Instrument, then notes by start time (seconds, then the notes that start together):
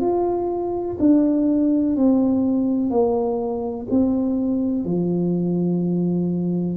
tuba
0.00 F4
0.99 D4
1.96 C4
2.90 A#3
3.90 C4
4.85 F3